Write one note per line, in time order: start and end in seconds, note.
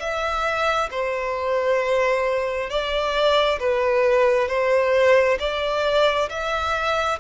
0.00 0.90 E5
0.91 2.70 C5
2.70 3.59 D5
3.60 4.49 B4
4.49 5.38 C5
5.40 6.29 D5
6.30 7.19 E5